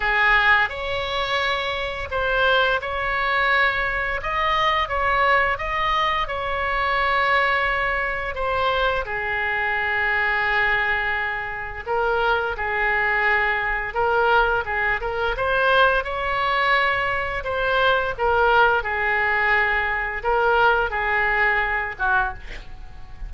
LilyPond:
\new Staff \with { instrumentName = "oboe" } { \time 4/4 \tempo 4 = 86 gis'4 cis''2 c''4 | cis''2 dis''4 cis''4 | dis''4 cis''2. | c''4 gis'2.~ |
gis'4 ais'4 gis'2 | ais'4 gis'8 ais'8 c''4 cis''4~ | cis''4 c''4 ais'4 gis'4~ | gis'4 ais'4 gis'4. fis'8 | }